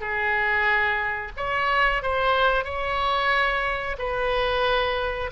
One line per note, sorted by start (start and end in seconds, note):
0.00 1.32 G#4
1.37 2.02 C#5
2.02 2.64 C5
2.64 3.96 C#5
3.98 5.30 B4